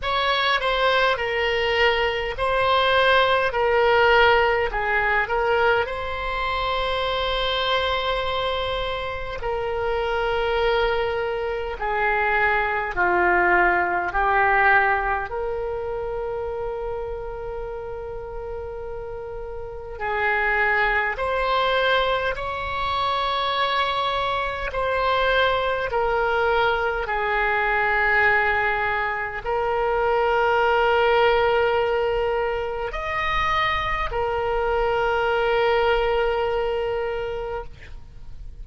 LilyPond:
\new Staff \with { instrumentName = "oboe" } { \time 4/4 \tempo 4 = 51 cis''8 c''8 ais'4 c''4 ais'4 | gis'8 ais'8 c''2. | ais'2 gis'4 f'4 | g'4 ais'2.~ |
ais'4 gis'4 c''4 cis''4~ | cis''4 c''4 ais'4 gis'4~ | gis'4 ais'2. | dis''4 ais'2. | }